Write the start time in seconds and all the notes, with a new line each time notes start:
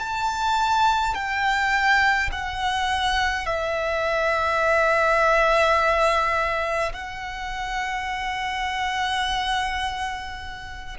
0.00 A5
1.15 G5
2.32 F#5
3.47 E5
6.93 F#5